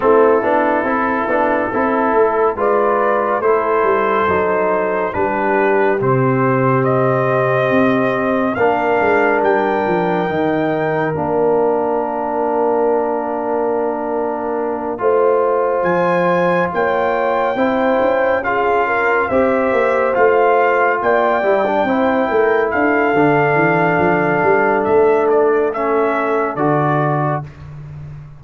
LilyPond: <<
  \new Staff \with { instrumentName = "trumpet" } { \time 4/4 \tempo 4 = 70 a'2. d''4 | c''2 b'4 c''4 | dis''2 f''4 g''4~ | g''4 f''2.~ |
f''2~ f''8 gis''4 g''8~ | g''4. f''4 e''4 f''8~ | f''8 g''2 f''4.~ | f''4 e''8 d''8 e''4 d''4 | }
  \new Staff \with { instrumentName = "horn" } { \time 4/4 e'2 a'4 b'4 | a'2 g'2~ | g'2 ais'2~ | ais'1~ |
ais'4. c''2 cis''8~ | cis''8 c''4 gis'8 ais'8 c''4.~ | c''8 d''4 c''8 ais'8 a'4.~ | a'1 | }
  \new Staff \with { instrumentName = "trombone" } { \time 4/4 c'8 d'8 e'8 d'8 e'4 f'4 | e'4 dis'4 d'4 c'4~ | c'2 d'2 | dis'4 d'2.~ |
d'4. f'2~ f'8~ | f'8 e'4 f'4 g'4 f'8~ | f'4 e'16 d'16 e'4. d'4~ | d'2 cis'4 fis'4 | }
  \new Staff \with { instrumentName = "tuba" } { \time 4/4 a8 b8 c'8 b8 c'8 a8 gis4 | a8 g8 fis4 g4 c4~ | c4 c'4 ais8 gis8 g8 f8 | dis4 ais2.~ |
ais4. a4 f4 ais8~ | ais8 c'8 cis'4. c'8 ais8 a8~ | a8 ais8 g8 c'8 a8 d'8 d8 e8 | f8 g8 a2 d4 | }
>>